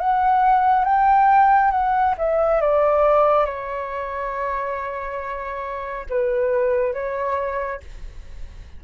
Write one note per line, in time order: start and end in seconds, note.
0.00 0.85 F#5
0.85 1.72 G5
1.72 2.15 F#5
2.18 2.61 E5
2.61 3.45 D5
3.45 6.06 C#5
6.09 6.94 B4
6.94 7.81 C#5